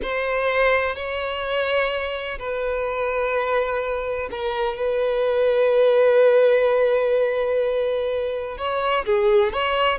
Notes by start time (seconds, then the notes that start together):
0.02 C5
0.95 C#5
2.39 B4
4.30 A#4
4.76 B4
8.57 C#5
9.05 G#4
9.52 C#5